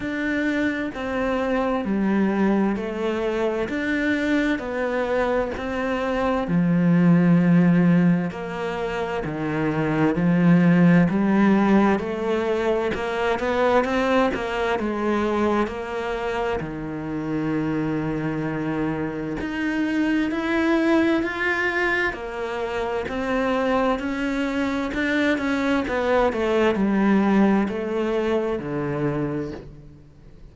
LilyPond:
\new Staff \with { instrumentName = "cello" } { \time 4/4 \tempo 4 = 65 d'4 c'4 g4 a4 | d'4 b4 c'4 f4~ | f4 ais4 dis4 f4 | g4 a4 ais8 b8 c'8 ais8 |
gis4 ais4 dis2~ | dis4 dis'4 e'4 f'4 | ais4 c'4 cis'4 d'8 cis'8 | b8 a8 g4 a4 d4 | }